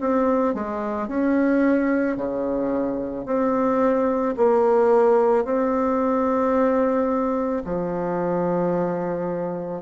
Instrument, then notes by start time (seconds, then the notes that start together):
bassoon
0.00 C4
0.54 G#3
1.08 C#4
2.17 C#3
3.26 C4
4.37 A#3
5.45 C4
7.65 F3